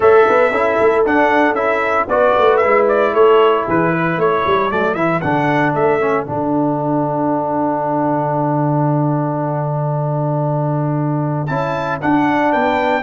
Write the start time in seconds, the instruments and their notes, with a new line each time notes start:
0.00 tuba A3, trombone A4, horn C#5, trumpet E5
0.28 tuba B3, horn B4
0.51 tuba C#4, trombone E4, horn A4
0.80 tuba A3
1.05 trombone D4, tuba D4, trumpet F#5
1.52 tuba C#4, trombone E4, trumpet E5
2.07 tuba B3, trombone F#4, horn B4, trumpet D5
2.38 tuba A3
2.57 trumpet E5
2.63 tuba G#3, trombone E4
2.88 trumpet D5
3.13 tuba A3, horn A4, trumpet C#5
3.65 tuba E3, horn G#4, trumpet B4
3.91 horn B4
4.17 tuba A3, horn A4, trumpet C#5
4.46 tuba G3
4.70 tuba F#3, trombone A3, trumpet D5
4.94 tuba E3, trombone E4, trumpet E5
5.20 tuba D3, trombone D4, trumpet F#5
5.74 tuba A3, trumpet E5
6.00 trombone C#4
6.24 tuba D3, trombone D4, trumpet F#5
11.46 tuba C#4, trombone E4, trumpet A5
12.00 trombone D4, tuba D4, trumpet F#5
12.52 tuba B3, horn B4, trumpet G5